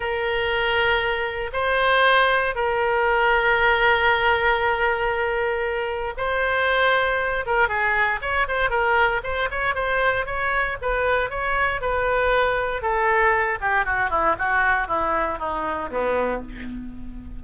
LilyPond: \new Staff \with { instrumentName = "oboe" } { \time 4/4 \tempo 4 = 117 ais'2. c''4~ | c''4 ais'2.~ | ais'1 | c''2~ c''8 ais'8 gis'4 |
cis''8 c''8 ais'4 c''8 cis''8 c''4 | cis''4 b'4 cis''4 b'4~ | b'4 a'4. g'8 fis'8 e'8 | fis'4 e'4 dis'4 b4 | }